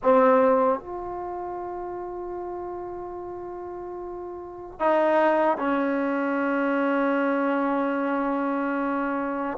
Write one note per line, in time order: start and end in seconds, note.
0.02 0.79 C4
0.79 4.79 F4
4.79 5.57 D#4
5.57 9.57 C#4